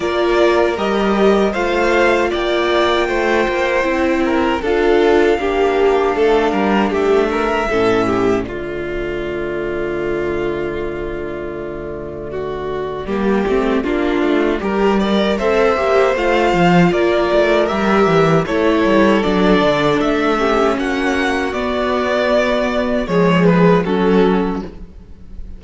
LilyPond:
<<
  \new Staff \with { instrumentName = "violin" } { \time 4/4 \tempo 4 = 78 d''4 dis''4 f''4 g''4~ | g''2 f''2~ | f''4 e''2 d''4~ | d''1~ |
d''1 | e''4 f''4 d''4 e''4 | cis''4 d''4 e''4 fis''4 | d''2 cis''8 b'8 a'4 | }
  \new Staff \with { instrumentName = "violin" } { \time 4/4 ais'2 c''4 d''4 | c''4. ais'8 a'4 g'4 | a'8 ais'8 g'8 ais'8 a'8 g'8 f'4~ | f'1 |
fis'4 g'4 f'4 ais'8 d''8 | c''2 ais'2 | a'2~ a'8 g'8 fis'4~ | fis'2 gis'4 fis'4 | }
  \new Staff \with { instrumentName = "viola" } { \time 4/4 f'4 g'4 f'2~ | f'4 e'4 f'4 d'4~ | d'2 cis'4 a4~ | a1~ |
a4 ais8 c'8 d'4 g'8 ais'8 | a'8 g'8 f'2 g'4 | e'4 d'4. cis'4. | b2 gis4 cis'4 | }
  \new Staff \with { instrumentName = "cello" } { \time 4/4 ais4 g4 a4 ais4 | a8 ais8 c'4 d'4 ais4 | a8 g8 a4 a,4 d4~ | d1~ |
d4 g8 a8 ais8 a8 g4 | c'8 ais8 a8 f8 ais8 a8 g8 e8 | a8 g8 fis8 d8 a4 ais4 | b2 f4 fis4 | }
>>